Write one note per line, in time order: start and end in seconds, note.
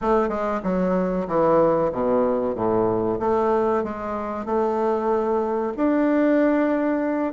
0.01 0.28 A3
0.28 0.60 G#3
0.63 1.27 F#3
1.27 1.91 E3
1.91 2.55 B2
2.55 3.19 A2
3.19 3.83 A3
3.83 4.45 G#3
4.45 5.73 A3
5.76 7.33 D4